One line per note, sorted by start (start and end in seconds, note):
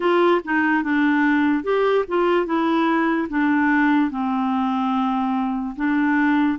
0.00 0.41 F4
0.44 0.83 D#4
0.83 1.63 D4
1.63 2.04 G4
2.08 2.45 F4
2.45 3.28 E4
3.29 4.10 D4
4.10 5.75 C4
5.76 6.58 D4